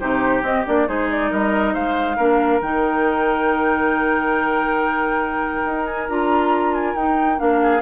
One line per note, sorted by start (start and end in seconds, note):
0.00 0.42 C3
0.00 0.43 D#4
0.00 0.88 G4
0.00 0.43 C5
0.42 0.64 C4
0.42 0.65 C4
0.42 0.66 D#5
0.66 0.88 A#3
0.66 0.87 D4
0.66 0.88 D5
0.87 1.32 G#3
0.87 2.18 D#4
0.87 1.31 G#4
0.87 1.10 C5
1.11 1.31 D5
1.31 1.75 G3
1.31 1.74 A#4
1.31 1.74 D#5
1.74 2.18 G#3
1.74 2.17 C5
1.74 2.61 F5
2.17 2.61 A#3
2.17 2.62 D4
2.17 7.60 A#4
2.61 5.65 D#3
2.61 6.09 D#4
2.61 5.87 G5
5.65 6.09 D#4
5.87 6.08 G#5
6.09 6.95 D4
6.09 6.96 F4
6.09 6.74 A#5
6.74 6.96 G#5
6.95 7.39 D#4
6.95 7.37 D#4
6.95 7.40 G5
7.37 7.82 A#3
7.37 7.81 D4
7.37 7.82 F5
7.62 7.82 G#4